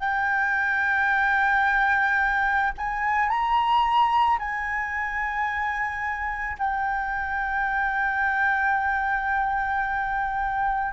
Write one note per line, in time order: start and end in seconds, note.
0.00 2.73 G5
2.78 3.29 G#5
3.29 4.38 A#5
4.39 6.57 G#5
6.59 10.93 G5